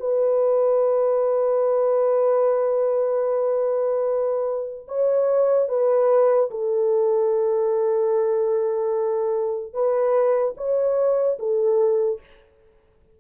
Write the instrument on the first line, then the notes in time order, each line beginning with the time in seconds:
horn
0.00 B4
4.88 C#5
5.69 B4
6.50 A4
9.74 B4
10.57 C#5
11.39 A4